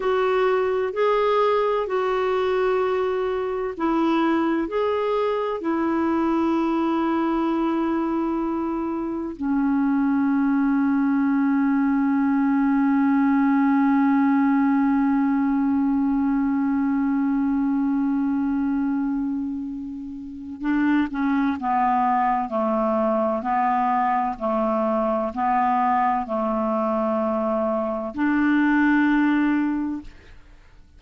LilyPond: \new Staff \with { instrumentName = "clarinet" } { \time 4/4 \tempo 4 = 64 fis'4 gis'4 fis'2 | e'4 gis'4 e'2~ | e'2 cis'2~ | cis'1~ |
cis'1~ | cis'2 d'8 cis'8 b4 | a4 b4 a4 b4 | a2 d'2 | }